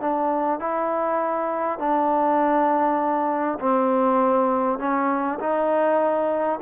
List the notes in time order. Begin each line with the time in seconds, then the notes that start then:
0.00 D4
0.59 E4
1.78 D4
3.59 C4
4.78 C#4
5.39 D#4